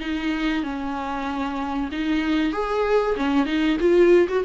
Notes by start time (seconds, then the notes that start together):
0.00 D#4
0.63 C#4
1.91 D#4
2.52 G#4
3.16 C#4
3.45 D#4
3.80 F4
4.28 F#4